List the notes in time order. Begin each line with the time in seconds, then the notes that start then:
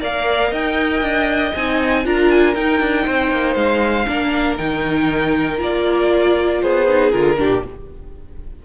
0.00 A#3 A#4 D5 F5
0.50 D#4 D#5 G5
1.01 D4
1.55 C4 D#4 G#5
2.04 D4 F4 A#4 A#5
2.30 G#5
2.54 D#4 G5
2.80 D4
3.05 C4 C5
3.31 A#3
3.54 G#3 F5
4.07 A#3 D4 A#4
4.58 D#3 D#4 G5
5.57 A#3 F4 D5
6.61 B3 G#4 C5
6.88 D#4
7.10 D3 F4 A#4
7.37 A#2 D4 G4